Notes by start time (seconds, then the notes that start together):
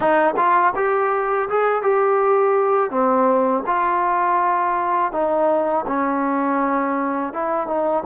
0.00 D#4
0.37 F4
0.75 G4
1.49 G#4
1.82 G4
2.90 C4
3.66 F4
5.12 D#4
5.86 C#4
7.33 E4
7.67 D#4